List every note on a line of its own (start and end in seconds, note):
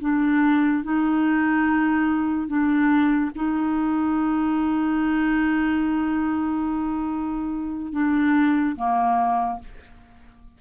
0.00 0.83 D4
0.83 2.47 D#4
2.47 3.31 D4
3.35 7.92 D#4
7.92 8.75 D4
8.75 9.59 A#3